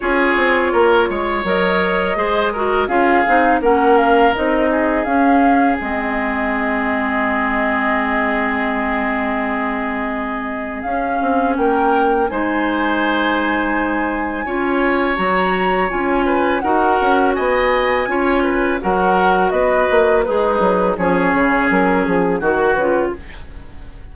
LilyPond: <<
  \new Staff \with { instrumentName = "flute" } { \time 4/4 \tempo 4 = 83 cis''2 dis''2 | f''4 fis''8 f''8 dis''4 f''4 | dis''1~ | dis''2. f''4 |
g''4 gis''2.~ | gis''4 ais''4 gis''4 fis''4 | gis''2 fis''4 dis''4 | b'4 cis''4 ais'8 gis'8 ais'8 b'8 | }
  \new Staff \with { instrumentName = "oboe" } { \time 4/4 gis'4 ais'8 cis''4. c''8 ais'8 | gis'4 ais'4. gis'4.~ | gis'1~ | gis'1 |
ais'4 c''2. | cis''2~ cis''8 b'8 ais'4 | dis''4 cis''8 b'8 ais'4 b'4 | dis'4 gis'2 fis'4 | }
  \new Staff \with { instrumentName = "clarinet" } { \time 4/4 f'2 ais'4 gis'8 fis'8 | f'8 dis'8 cis'4 dis'4 cis'4 | c'1~ | c'2. cis'4~ |
cis'4 dis'2. | f'4 fis'4 f'4 fis'4~ | fis'4 f'4 fis'2 | gis'4 cis'2 fis'8 f'8 | }
  \new Staff \with { instrumentName = "bassoon" } { \time 4/4 cis'8 c'8 ais8 gis8 fis4 gis4 | cis'8 c'8 ais4 c'4 cis'4 | gis1~ | gis2. cis'8 c'8 |
ais4 gis2. | cis'4 fis4 cis'4 dis'8 cis'8 | b4 cis'4 fis4 b8 ais8 | gis8 fis8 f8 cis8 fis8 f8 dis8 cis8 | }
>>